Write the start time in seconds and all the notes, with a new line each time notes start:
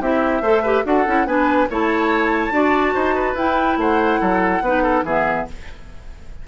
0.00 C4 E4 G4 E5
0.41 A3 A4 C5
0.62 G4 B4
0.84 D4 F#4 A4 F#5
1.06 C#4 E4
1.26 B3 D4 B4 G#5
1.70 A3 E4 C#5 A5
2.51 D4 F#4 D5
2.94 D#4 C5
3.15 B4
3.34 E4 G5
3.77 A3 C5 F#5
4.20 F#3 A4
4.61 B3 D#4 B4
4.83 A4
5.03 E3 B3 G#4 E5